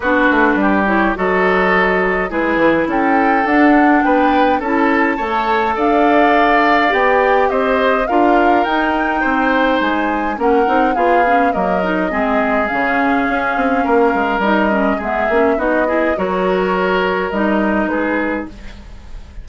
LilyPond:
<<
  \new Staff \with { instrumentName = "flute" } { \time 4/4 \tempo 4 = 104 b'4. cis''8 dis''2 | b'4 g''4 fis''4 g''4 | a''2 f''2 | g''4 dis''4 f''4 g''4~ |
g''4 gis''4 fis''4 f''4 | dis''2 f''2~ | f''4 dis''4 e''4 dis''4 | cis''2 dis''4 b'4 | }
  \new Staff \with { instrumentName = "oboe" } { \time 4/4 fis'4 g'4 a'2 | gis'4 a'2 b'4 | a'4 cis''4 d''2~ | d''4 c''4 ais'2 |
c''2 ais'4 gis'4 | ais'4 gis'2. | ais'2 gis'4 fis'8 gis'8 | ais'2. gis'4 | }
  \new Staff \with { instrumentName = "clarinet" } { \time 4/4 d'4. e'8 fis'2 | e'2 d'2 | e'4 a'2. | g'2 f'4 dis'4~ |
dis'2 cis'8 dis'8 f'8 cis'8 | ais8 dis'8 c'4 cis'2~ | cis'4 dis'8 cis'8 b8 cis'8 dis'8 e'8 | fis'2 dis'2 | }
  \new Staff \with { instrumentName = "bassoon" } { \time 4/4 b8 a8 g4 fis2 | gis8 e8 cis'4 d'4 b4 | cis'4 a4 d'2 | b4 c'4 d'4 dis'4 |
c'4 gis4 ais8 c'8 b4 | fis4 gis4 cis4 cis'8 c'8 | ais8 gis8 g4 gis8 ais8 b4 | fis2 g4 gis4 | }
>>